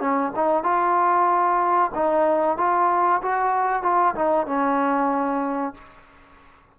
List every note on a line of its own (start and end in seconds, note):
0.00 0.32 C#4
0.35 0.63 D#4
0.63 1.91 F4
1.94 2.57 D#4
2.57 3.21 F4
3.22 3.82 F#4
3.82 4.14 F4
4.15 4.46 D#4
4.46 5.74 C#4